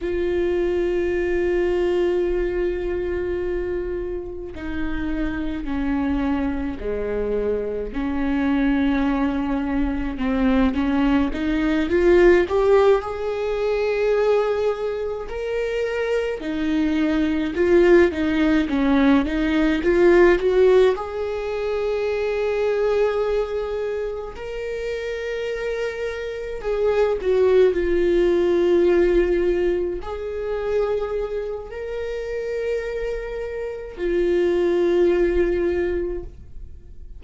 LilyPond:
\new Staff \with { instrumentName = "viola" } { \time 4/4 \tempo 4 = 53 f'1 | dis'4 cis'4 gis4 cis'4~ | cis'4 c'8 cis'8 dis'8 f'8 g'8 gis'8~ | gis'4. ais'4 dis'4 f'8 |
dis'8 cis'8 dis'8 f'8 fis'8 gis'4.~ | gis'4. ais'2 gis'8 | fis'8 f'2 gis'4. | ais'2 f'2 | }